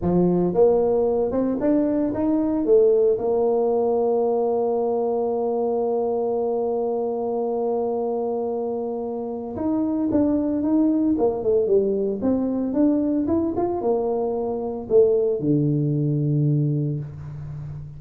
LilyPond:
\new Staff \with { instrumentName = "tuba" } { \time 4/4 \tempo 4 = 113 f4 ais4. c'8 d'4 | dis'4 a4 ais2~ | ais1~ | ais1~ |
ais2 dis'4 d'4 | dis'4 ais8 a8 g4 c'4 | d'4 e'8 f'8 ais2 | a4 d2. | }